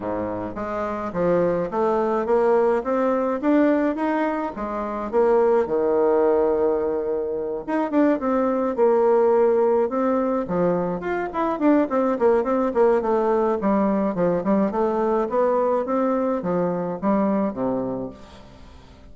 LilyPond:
\new Staff \with { instrumentName = "bassoon" } { \time 4/4 \tempo 4 = 106 gis,4 gis4 f4 a4 | ais4 c'4 d'4 dis'4 | gis4 ais4 dis2~ | dis4. dis'8 d'8 c'4 ais8~ |
ais4. c'4 f4 f'8 | e'8 d'8 c'8 ais8 c'8 ais8 a4 | g4 f8 g8 a4 b4 | c'4 f4 g4 c4 | }